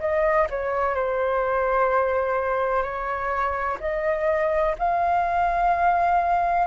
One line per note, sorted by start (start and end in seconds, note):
0.00 0.48 D#5
0.50 0.95 C#5
0.95 2.83 C5
2.83 3.78 C#5
3.80 4.75 D#5
4.79 6.67 F5